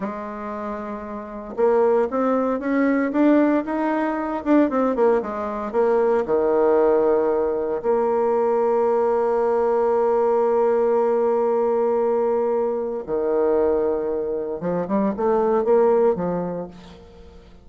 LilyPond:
\new Staff \with { instrumentName = "bassoon" } { \time 4/4 \tempo 4 = 115 gis2. ais4 | c'4 cis'4 d'4 dis'4~ | dis'8 d'8 c'8 ais8 gis4 ais4 | dis2. ais4~ |
ais1~ | ais1~ | ais4 dis2. | f8 g8 a4 ais4 f4 | }